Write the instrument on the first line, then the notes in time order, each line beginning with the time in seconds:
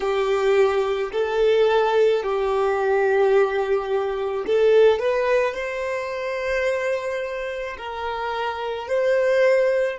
violin
0.00 G4
1.12 A4
2.23 G4
4.46 A4
4.99 B4
5.54 C5
7.77 A#4
8.88 C5